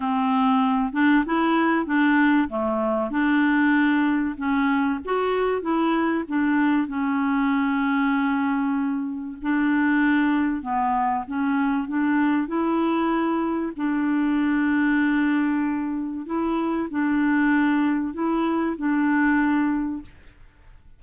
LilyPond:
\new Staff \with { instrumentName = "clarinet" } { \time 4/4 \tempo 4 = 96 c'4. d'8 e'4 d'4 | a4 d'2 cis'4 | fis'4 e'4 d'4 cis'4~ | cis'2. d'4~ |
d'4 b4 cis'4 d'4 | e'2 d'2~ | d'2 e'4 d'4~ | d'4 e'4 d'2 | }